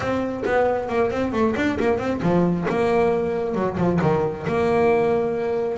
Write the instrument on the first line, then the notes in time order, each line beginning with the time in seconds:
double bass
0.00 C4
0.45 B3
0.88 A#3
1.10 C4
1.32 A3
1.56 D4
1.79 A#3
1.98 C4
2.22 F3
2.69 A#3
3.54 F#3
3.77 F3
4.01 D#3
4.47 A#3